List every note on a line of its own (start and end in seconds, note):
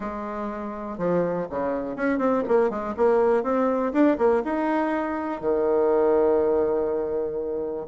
0.00 0.97 G#3
0.97 1.47 F3
1.50 1.96 C#3
1.96 2.18 C#4
2.18 2.42 C4
2.47 2.70 A#3
2.70 2.94 G#3
2.96 3.43 A#3
3.43 3.92 C4
3.92 4.17 D4
4.18 4.42 A#3
4.44 5.41 D#4
5.41 7.86 D#3